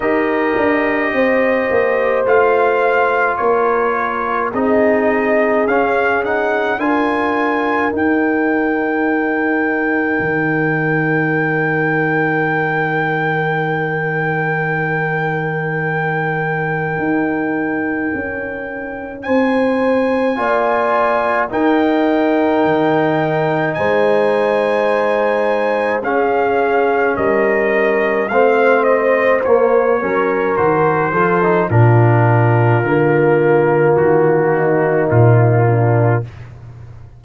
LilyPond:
<<
  \new Staff \with { instrumentName = "trumpet" } { \time 4/4 \tempo 4 = 53 dis''2 f''4 cis''4 | dis''4 f''8 fis''8 gis''4 g''4~ | g''1~ | g''1~ |
g''4 gis''2 g''4~ | g''4 gis''2 f''4 | dis''4 f''8 dis''8 cis''4 c''4 | ais'2 fis'4 f'4 | }
  \new Staff \with { instrumentName = "horn" } { \time 4/4 ais'4 c''2 ais'4 | gis'2 ais'2~ | ais'1~ | ais'1~ |
ais'4 c''4 d''4 ais'4~ | ais'4 c''2 gis'4 | ais'4 c''4. ais'4 a'8 | f'2~ f'8 dis'4 d'8 | }
  \new Staff \with { instrumentName = "trombone" } { \time 4/4 g'2 f'2 | dis'4 cis'8 dis'8 f'4 dis'4~ | dis'1~ | dis'1~ |
dis'2 f'4 dis'4~ | dis'2. cis'4~ | cis'4 c'4 ais8 cis'8 fis'8 f'16 dis'16 | d'4 ais2. | }
  \new Staff \with { instrumentName = "tuba" } { \time 4/4 dis'8 d'8 c'8 ais8 a4 ais4 | c'4 cis'4 d'4 dis'4~ | dis'4 dis2.~ | dis2. dis'4 |
cis'4 c'4 ais4 dis'4 | dis4 gis2 cis'4 | g4 a4 ais8 fis8 dis8 f8 | ais,4 d4 dis4 ais,4 | }
>>